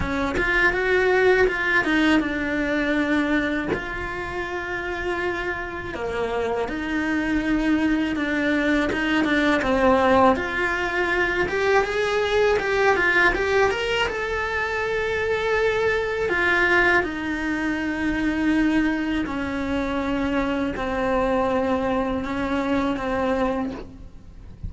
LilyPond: \new Staff \with { instrumentName = "cello" } { \time 4/4 \tempo 4 = 81 cis'8 f'8 fis'4 f'8 dis'8 d'4~ | d'4 f'2. | ais4 dis'2 d'4 | dis'8 d'8 c'4 f'4. g'8 |
gis'4 g'8 f'8 g'8 ais'8 a'4~ | a'2 f'4 dis'4~ | dis'2 cis'2 | c'2 cis'4 c'4 | }